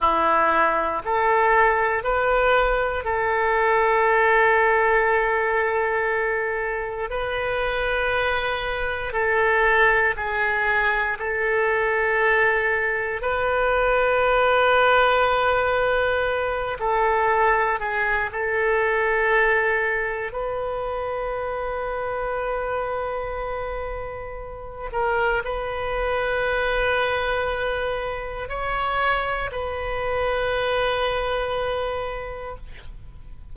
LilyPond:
\new Staff \with { instrumentName = "oboe" } { \time 4/4 \tempo 4 = 59 e'4 a'4 b'4 a'4~ | a'2. b'4~ | b'4 a'4 gis'4 a'4~ | a'4 b'2.~ |
b'8 a'4 gis'8 a'2 | b'1~ | b'8 ais'8 b'2. | cis''4 b'2. | }